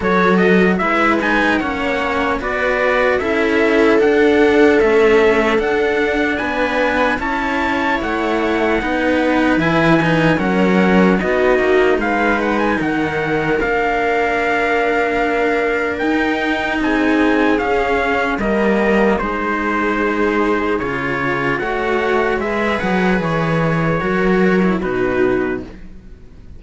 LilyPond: <<
  \new Staff \with { instrumentName = "trumpet" } { \time 4/4 \tempo 4 = 75 cis''8 dis''8 e''8 gis''8 fis''4 d''4 | e''4 fis''4 e''4 fis''4 | gis''4 a''4 fis''2 | gis''4 fis''4 dis''4 f''8 fis''16 gis''16 |
fis''4 f''2. | g''4 gis''4 f''4 dis''4 | c''2 cis''4 fis''4 | e''8 fis''8 cis''2 b'4 | }
  \new Staff \with { instrumentName = "viola" } { \time 4/4 a'4 b'4 cis''4 b'4 | a'1 | b'4 cis''2 b'4~ | b'4 ais'4 fis'4 b'4 |
ais'1~ | ais'4 gis'2 ais'4 | gis'2. cis''4 | b'2 ais'4 fis'4 | }
  \new Staff \with { instrumentName = "cello" } { \time 4/4 fis'4 e'8 dis'8 cis'4 fis'4 | e'4 d'4 a4 d'4~ | d'4 e'2 dis'4 | e'8 dis'8 cis'4 dis'2~ |
dis'4 d'2. | dis'2 cis'4 ais4 | dis'2 f'4 fis'4 | gis'2 fis'8. e'16 dis'4 | }
  \new Staff \with { instrumentName = "cello" } { \time 4/4 fis4 gis4 ais4 b4 | cis'4 d'4 cis'4 d'4 | b4 cis'4 a4 b4 | e4 fis4 b8 ais8 gis4 |
dis4 ais2. | dis'4 c'4 cis'4 g4 | gis2 cis4 a4 | gis8 fis8 e4 fis4 b,4 | }
>>